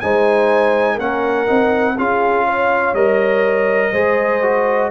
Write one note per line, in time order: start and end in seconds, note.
0.00 0.98 G#3
0.00 0.99 D#4
0.00 0.94 C5
0.00 0.98 G#5
0.94 1.48 A#3
0.94 1.47 C#4
0.94 1.93 A#4
0.94 1.98 F#5
1.47 1.98 C4
1.47 1.96 D#4
1.96 2.94 C#4
1.96 2.95 F4
1.96 2.45 G#4
1.96 2.94 F5
2.47 3.92 C#5
2.94 3.92 G3
2.94 3.93 A#4
2.94 4.91 D#5
3.92 4.91 G#3
3.92 4.42 G#4
3.92 4.90 C5
4.42 4.91 F#4